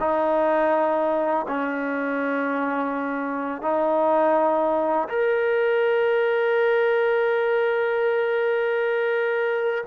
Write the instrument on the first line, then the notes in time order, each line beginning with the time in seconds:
trombone
0.00 D#4
1.48 C#4
3.62 D#4
5.09 A#4